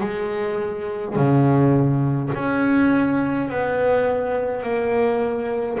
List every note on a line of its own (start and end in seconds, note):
0.00 1.15 G#3
1.15 2.31 C#3
2.33 3.49 C#4
3.49 4.63 B3
4.63 5.78 A#3